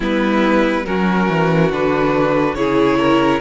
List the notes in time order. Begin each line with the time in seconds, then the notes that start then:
0.00 G3 B3 E4 B4
0.85 F#3 C#4 F#4 A#4
1.29 E3
1.71 D3 D4 B4
2.54 C#3 E4 G#4 C#5
2.98 A#4